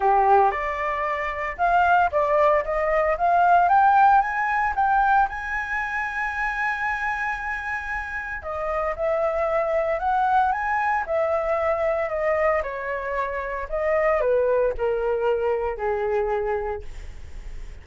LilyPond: \new Staff \with { instrumentName = "flute" } { \time 4/4 \tempo 4 = 114 g'4 d''2 f''4 | d''4 dis''4 f''4 g''4 | gis''4 g''4 gis''2~ | gis''1 |
dis''4 e''2 fis''4 | gis''4 e''2 dis''4 | cis''2 dis''4 b'4 | ais'2 gis'2 | }